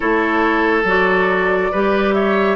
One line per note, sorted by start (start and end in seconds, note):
0.00 0.84 A3
0.00 0.82 E4
0.00 1.71 A4
0.00 0.83 C#5
0.84 1.69 F#3
0.84 1.72 F#4
0.84 2.13 D5
1.71 2.56 G3
1.71 2.56 G4
1.71 2.14 B4
2.13 2.56 C#5
2.13 2.56 E5